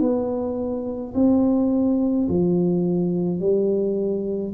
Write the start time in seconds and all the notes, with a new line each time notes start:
0.00 B3
1.14 C4
2.28 F3
3.39 G3